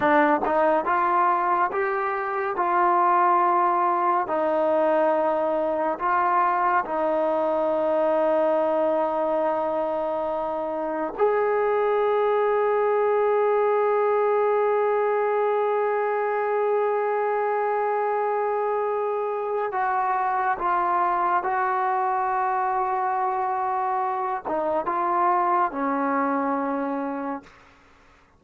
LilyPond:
\new Staff \with { instrumentName = "trombone" } { \time 4/4 \tempo 4 = 70 d'8 dis'8 f'4 g'4 f'4~ | f'4 dis'2 f'4 | dis'1~ | dis'4 gis'2.~ |
gis'1~ | gis'2. fis'4 | f'4 fis'2.~ | fis'8 dis'8 f'4 cis'2 | }